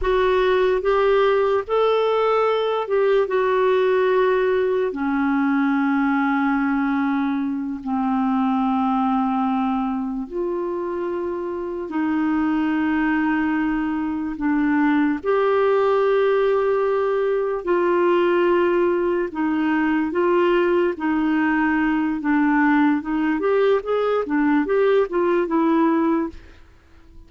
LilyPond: \new Staff \with { instrumentName = "clarinet" } { \time 4/4 \tempo 4 = 73 fis'4 g'4 a'4. g'8 | fis'2 cis'2~ | cis'4. c'2~ c'8~ | c'8 f'2 dis'4.~ |
dis'4. d'4 g'4.~ | g'4. f'2 dis'8~ | dis'8 f'4 dis'4. d'4 | dis'8 g'8 gis'8 d'8 g'8 f'8 e'4 | }